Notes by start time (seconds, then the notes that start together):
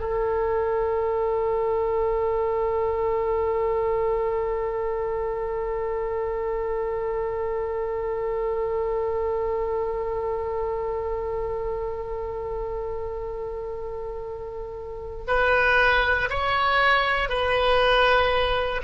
0.00 A4
15.28 B4
16.30 C#5
17.29 B4